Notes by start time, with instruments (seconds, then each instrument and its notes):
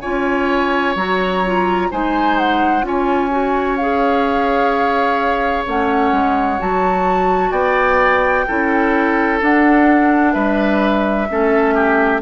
0.00 clarinet F4, oboe C#5, flute G#5
0.06 bassoon C#4
0.96 bassoon F#3, clarinet F#4, flute A#5
1.45 clarinet F4
1.91 bassoon G#3, clarinet D#4, oboe C5, flute G#5
2.38 flute F#5
2.83 bassoon C#4, clarinet F4, oboe C#5, flute G#5
3.30 clarinet F#4
3.77 clarinet G#4, flute F5
5.67 bassoon A3, clarinet C#4, flute F#5
6.12 bassoon G#3
6.59 bassoon F#3, clarinet F#4, flute A5
7.51 bassoon B3, oboe D5, flute G5
8.47 bassoon C#4, clarinet E4, oboe A4
9.40 clarinet D4, bassoon D4, flute F#5
10.33 bassoon G3, oboe B4, flute E5
11.30 bassoon A3, clarinet C#4, oboe A4
11.74 oboe G4